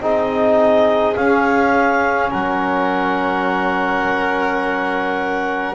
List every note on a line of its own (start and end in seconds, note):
0.00 1.15 C4
0.00 1.15 D#4
0.00 2.30 G#4
0.00 1.15 D#5
1.15 5.75 C#4
1.15 2.32 C#4
1.15 2.31 F5
2.30 5.75 F#3
2.30 5.75 A#4
2.30 5.75 F#5